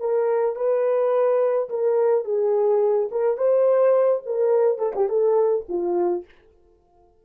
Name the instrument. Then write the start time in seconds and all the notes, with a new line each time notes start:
horn
0.00 A#4
0.56 B4
1.70 A#4
2.25 G#4
3.12 A#4
3.38 C5
4.26 A#4
4.79 A4
4.96 G4
5.09 A4
5.69 F4